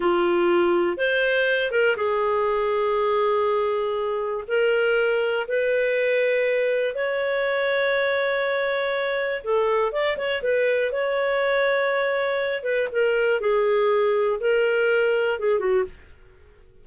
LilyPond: \new Staff \with { instrumentName = "clarinet" } { \time 4/4 \tempo 4 = 121 f'2 c''4. ais'8 | gis'1~ | gis'4 ais'2 b'4~ | b'2 cis''2~ |
cis''2. a'4 | d''8 cis''8 b'4 cis''2~ | cis''4. b'8 ais'4 gis'4~ | gis'4 ais'2 gis'8 fis'8 | }